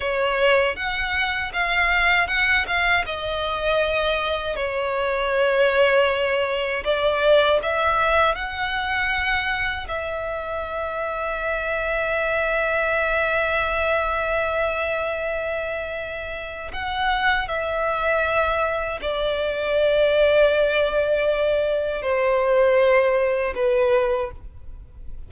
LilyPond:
\new Staff \with { instrumentName = "violin" } { \time 4/4 \tempo 4 = 79 cis''4 fis''4 f''4 fis''8 f''8 | dis''2 cis''2~ | cis''4 d''4 e''4 fis''4~ | fis''4 e''2.~ |
e''1~ | e''2 fis''4 e''4~ | e''4 d''2.~ | d''4 c''2 b'4 | }